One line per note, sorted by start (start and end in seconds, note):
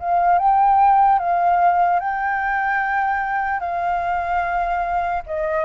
0.00 0.39 F5
0.39 1.19 G5
1.19 2.00 F5
2.00 3.61 G5
3.61 5.23 F5
5.27 5.65 D#5